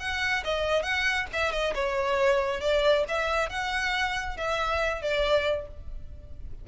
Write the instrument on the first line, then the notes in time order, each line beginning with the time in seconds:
violin
0.00 F#5
0.45 D#5
0.83 F#5
1.33 E5
1.52 D#5
1.75 C#5
2.61 D5
3.09 E5
3.50 F#5
4.37 E5
5.02 D5